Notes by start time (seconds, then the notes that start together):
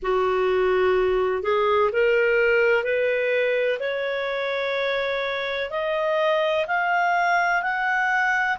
0.02 F#4
1.42 G#4
1.92 A#4
2.83 B4
3.79 C#5
5.70 D#5
6.67 F5
7.62 F#5